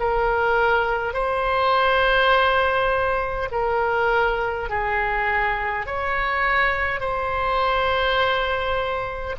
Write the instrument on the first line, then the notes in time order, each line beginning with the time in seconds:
oboe
0.00 A#4
1.14 C5
3.52 A#4
4.70 G#4
5.87 C#5
7.01 C5